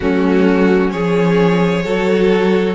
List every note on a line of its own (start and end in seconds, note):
0.00 0.93 F#3
0.00 0.88 A3
0.00 0.92 C#4
0.00 0.91 F#4
0.88 1.84 F3
0.88 1.80 C#4
0.88 1.84 G#4
0.88 2.74 C#5
1.84 2.74 F#3
1.84 2.74 F#4
1.84 2.74 A4